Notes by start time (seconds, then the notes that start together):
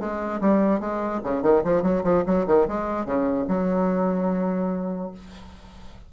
0.00 G#3
0.41 G3
0.80 G#3
1.24 C#3
1.43 D#3
1.64 F3
1.83 F#3
2.04 F3
2.27 F#3
2.47 D#3
2.68 G#3
3.06 C#3
3.48 F#3